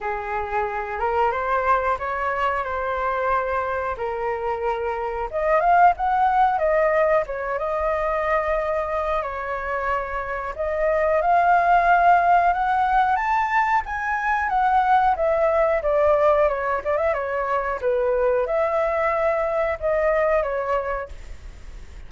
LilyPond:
\new Staff \with { instrumentName = "flute" } { \time 4/4 \tempo 4 = 91 gis'4. ais'8 c''4 cis''4 | c''2 ais'2 | dis''8 f''8 fis''4 dis''4 cis''8 dis''8~ | dis''2 cis''2 |
dis''4 f''2 fis''4 | a''4 gis''4 fis''4 e''4 | d''4 cis''8 d''16 e''16 cis''4 b'4 | e''2 dis''4 cis''4 | }